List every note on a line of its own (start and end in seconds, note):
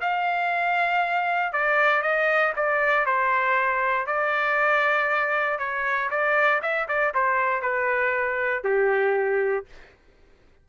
0.00 1.52 F5
1.52 2.02 D5
2.02 2.53 D#5
2.56 3.05 D5
3.05 4.06 C5
4.06 5.58 D5
5.58 6.09 C#5
6.10 6.61 D5
6.62 6.87 E5
6.88 7.13 D5
7.14 7.62 C5
7.62 8.63 B4
8.63 9.65 G4